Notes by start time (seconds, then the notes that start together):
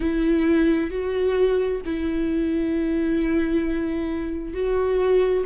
0.00 E4
0.90 F#4
1.85 E4
4.53 F#4